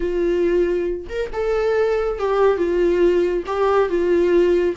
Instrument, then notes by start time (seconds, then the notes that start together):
viola
0.00 F4
1.09 A#4
1.32 A4
2.18 G4
2.57 F4
3.46 G4
3.89 F4